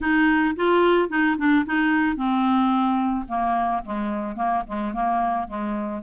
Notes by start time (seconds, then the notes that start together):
0.00 D#4
0.56 F4
1.09 D#4
1.38 D4
1.65 D#4
2.16 C4
3.28 A#3
3.84 G#3
4.36 A#3
4.67 G#3
4.93 A#3
5.47 G#3